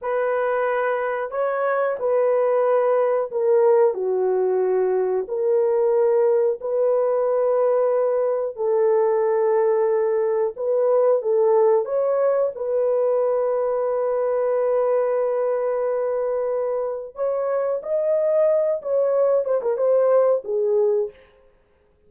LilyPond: \new Staff \with { instrumentName = "horn" } { \time 4/4 \tempo 4 = 91 b'2 cis''4 b'4~ | b'4 ais'4 fis'2 | ais'2 b'2~ | b'4 a'2. |
b'4 a'4 cis''4 b'4~ | b'1~ | b'2 cis''4 dis''4~ | dis''8 cis''4 c''16 ais'16 c''4 gis'4 | }